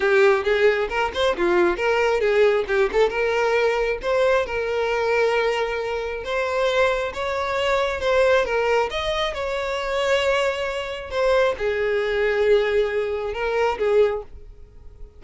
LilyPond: \new Staff \with { instrumentName = "violin" } { \time 4/4 \tempo 4 = 135 g'4 gis'4 ais'8 c''8 f'4 | ais'4 gis'4 g'8 a'8 ais'4~ | ais'4 c''4 ais'2~ | ais'2 c''2 |
cis''2 c''4 ais'4 | dis''4 cis''2.~ | cis''4 c''4 gis'2~ | gis'2 ais'4 gis'4 | }